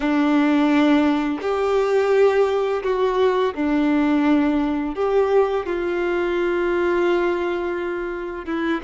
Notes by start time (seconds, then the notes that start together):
0.00 D4
1.41 G4
2.83 F#4
3.54 D4
4.95 G4
5.66 F4
8.45 E4